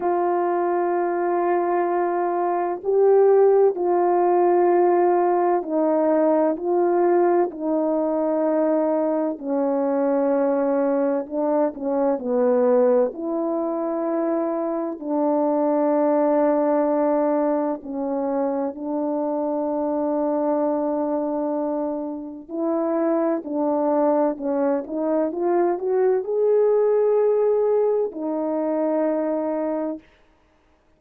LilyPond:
\new Staff \with { instrumentName = "horn" } { \time 4/4 \tempo 4 = 64 f'2. g'4 | f'2 dis'4 f'4 | dis'2 cis'2 | d'8 cis'8 b4 e'2 |
d'2. cis'4 | d'1 | e'4 d'4 cis'8 dis'8 f'8 fis'8 | gis'2 dis'2 | }